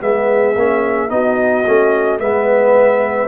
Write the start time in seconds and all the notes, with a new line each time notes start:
0.00 G#3 B3 G#4 E5
0.55 A#3 C#4
1.09 B3 D#4 F#4 D#5
1.66 A3 C#4
2.20 G#3 B3 B4 E5